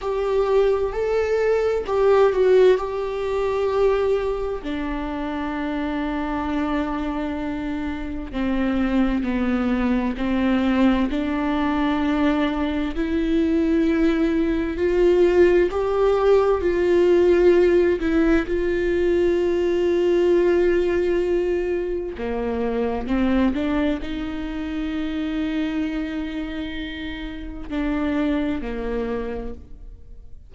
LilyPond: \new Staff \with { instrumentName = "viola" } { \time 4/4 \tempo 4 = 65 g'4 a'4 g'8 fis'8 g'4~ | g'4 d'2.~ | d'4 c'4 b4 c'4 | d'2 e'2 |
f'4 g'4 f'4. e'8 | f'1 | ais4 c'8 d'8 dis'2~ | dis'2 d'4 ais4 | }